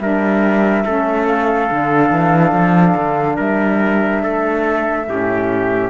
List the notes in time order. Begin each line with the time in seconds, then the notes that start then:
0.00 G3 D4 A#4 E5
0.85 A3 C#4 A4
1.27 F5
1.68 D3 D4
2.11 E3
2.53 F3
2.96 D3
3.37 G3 A#4 E5
4.23 A3 A4
5.05 A2 C#4 G4